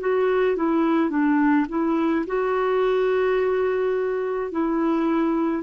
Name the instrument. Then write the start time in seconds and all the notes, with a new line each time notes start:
clarinet
0.00 F#4
0.56 E4
1.09 D4
1.68 E4
2.26 F#4
4.51 E4